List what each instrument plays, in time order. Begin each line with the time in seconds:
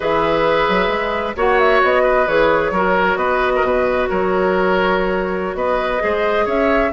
0.00 bassoon E3, clarinet G#4, oboe B4, flute E5
0.68 bassoon F#3
0.88 bassoon G#3
1.36 bassoon A#3, clarinet F#4, oboe C#5, flute F#5
1.58 flute E5
1.82 bassoon B3, flute D#5
2.02 oboe B4
2.27 bassoon E3, clarinet G#4, flute C#5
2.70 bassoon F#3, clarinet F#4, oboe A#4
3.15 bassoon B3, oboe B4, flute D#5
3.55 oboe A#4
3.62 bassoon B2, oboe B4
4.08 bassoon F#3, oboe A#4, flute C#5
5.54 bassoon B3, oboe B4, flute D#5
5.99 bassoon G#3, clarinet G#4, oboe C5
6.45 bassoon C#4, oboe C#5, flute E5